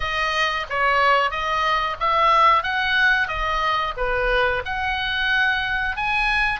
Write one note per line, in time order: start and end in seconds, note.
0.00 0.66 D#5
0.69 1.30 C#5
1.30 1.96 D#5
2.00 2.63 E5
2.63 3.28 F#5
3.28 3.94 D#5
3.97 4.62 B4
4.65 5.96 F#5
5.96 6.60 G#5